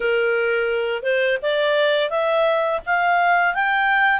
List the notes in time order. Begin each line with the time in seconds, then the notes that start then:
0.00 A#4
1.02 C5
1.42 D5
2.10 E5
2.86 F5
3.54 G5